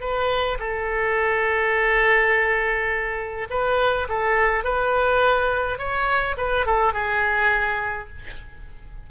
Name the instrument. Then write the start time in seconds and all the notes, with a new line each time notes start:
oboe
0.00 B4
0.59 A4
3.50 B4
4.08 A4
4.64 B4
5.78 C#5
6.37 B4
6.66 A4
6.93 G#4